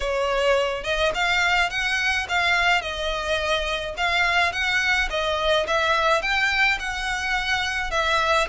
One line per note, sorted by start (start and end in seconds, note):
0.00 0.83 C#5
0.83 1.12 D#5
1.14 1.70 F5
1.70 2.26 F#5
2.28 2.81 F5
2.81 3.95 D#5
3.97 4.52 F5
4.52 5.08 F#5
5.09 5.66 D#5
5.67 6.22 E5
6.22 6.78 G5
6.79 7.90 F#5
7.90 8.47 E5